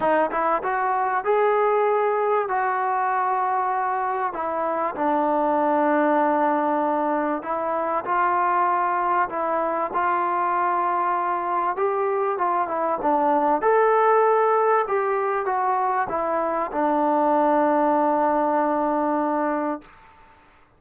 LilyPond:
\new Staff \with { instrumentName = "trombone" } { \time 4/4 \tempo 4 = 97 dis'8 e'8 fis'4 gis'2 | fis'2. e'4 | d'1 | e'4 f'2 e'4 |
f'2. g'4 | f'8 e'8 d'4 a'2 | g'4 fis'4 e'4 d'4~ | d'1 | }